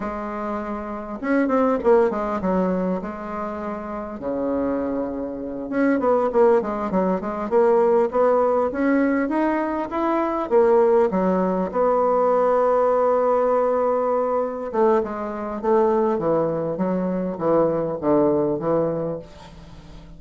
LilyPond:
\new Staff \with { instrumentName = "bassoon" } { \time 4/4 \tempo 4 = 100 gis2 cis'8 c'8 ais8 gis8 | fis4 gis2 cis4~ | cis4. cis'8 b8 ais8 gis8 fis8 | gis8 ais4 b4 cis'4 dis'8~ |
dis'8 e'4 ais4 fis4 b8~ | b1~ | b8 a8 gis4 a4 e4 | fis4 e4 d4 e4 | }